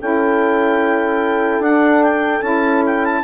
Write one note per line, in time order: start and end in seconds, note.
0.00 1.59 C#4
0.00 1.62 E4
0.00 3.23 A4
0.00 1.62 G5
1.59 2.40 D4
1.59 2.42 D4
1.59 2.03 F#5
2.03 2.42 G5
2.41 3.22 C#4
2.41 3.23 E4
2.41 2.82 A5
2.86 3.04 G5
3.04 3.23 A5